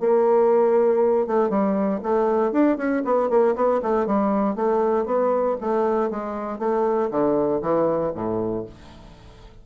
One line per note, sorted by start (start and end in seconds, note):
0.00 1.27 A#3
1.27 1.50 A3
1.50 2.00 G3
2.03 2.52 A3
2.52 2.77 D4
2.77 3.03 C#4
3.05 3.30 B3
3.30 3.55 A#3
3.55 3.81 B3
3.82 4.06 A3
4.06 4.55 G3
4.55 5.06 A3
5.06 5.57 B3
5.61 6.10 A3
6.10 6.59 G#3
6.59 7.10 A3
7.11 7.62 D3
7.62 8.13 E3
8.15 8.66 A2